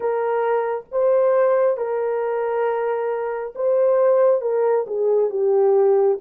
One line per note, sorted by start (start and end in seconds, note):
0.00 0.85 A#4
0.91 1.76 C5
1.76 3.53 A#4
3.55 4.41 C5
4.41 4.85 A#4
4.86 5.29 G#4
5.29 6.18 G4